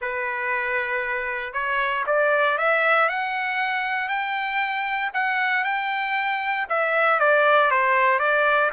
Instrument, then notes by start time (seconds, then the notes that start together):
trumpet
0.01 B4
1.53 C#5
2.06 D5
2.58 E5
3.08 F#5
4.08 G5
5.13 F#5
5.64 G5
6.69 E5
7.19 D5
7.70 C5
8.19 D5